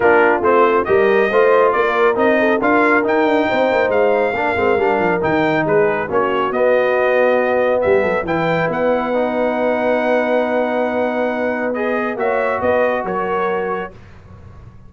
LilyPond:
<<
  \new Staff \with { instrumentName = "trumpet" } { \time 4/4 \tempo 4 = 138 ais'4 c''4 dis''2 | d''4 dis''4 f''4 g''4~ | g''4 f''2. | g''4 b'4 cis''4 dis''4~ |
dis''2 e''4 g''4 | fis''1~ | fis''2. dis''4 | e''4 dis''4 cis''2 | }
  \new Staff \with { instrumentName = "horn" } { \time 4/4 f'2 ais'4 c''4 | ais'4. a'8 ais'2 | c''2 ais'2~ | ais'4 gis'4 fis'2~ |
fis'2 g'8 a'8 b'4~ | b'1~ | b'1 | cis''4 b'4 ais'2 | }
  \new Staff \with { instrumentName = "trombone" } { \time 4/4 d'4 c'4 g'4 f'4~ | f'4 dis'4 f'4 dis'4~ | dis'2 d'8 c'8 d'4 | dis'2 cis'4 b4~ |
b2. e'4~ | e'4 dis'2.~ | dis'2. gis'4 | fis'1 | }
  \new Staff \with { instrumentName = "tuba" } { \time 4/4 ais4 a4 g4 a4 | ais4 c'4 d'4 dis'8 d'8 | c'8 ais8 gis4 ais8 gis8 g8 f8 | dis4 gis4 ais4 b4~ |
b2 g8 fis8 e4 | b1~ | b1 | ais4 b4 fis2 | }
>>